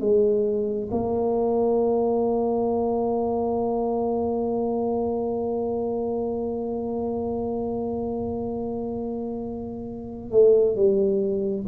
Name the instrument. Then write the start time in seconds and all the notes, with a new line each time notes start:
tuba
0.00 G#3
0.91 A#3
10.31 A3
10.76 G3